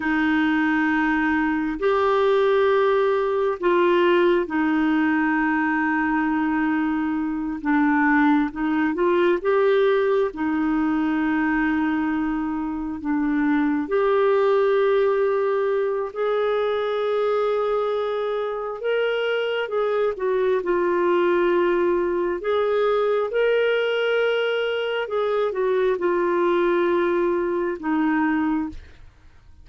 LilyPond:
\new Staff \with { instrumentName = "clarinet" } { \time 4/4 \tempo 4 = 67 dis'2 g'2 | f'4 dis'2.~ | dis'8 d'4 dis'8 f'8 g'4 dis'8~ | dis'2~ dis'8 d'4 g'8~ |
g'2 gis'2~ | gis'4 ais'4 gis'8 fis'8 f'4~ | f'4 gis'4 ais'2 | gis'8 fis'8 f'2 dis'4 | }